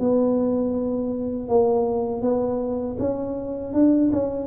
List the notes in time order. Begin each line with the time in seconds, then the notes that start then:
0.00 B3
1.49 A#3
2.22 B3
2.99 C#4
3.74 D4
4.13 C#4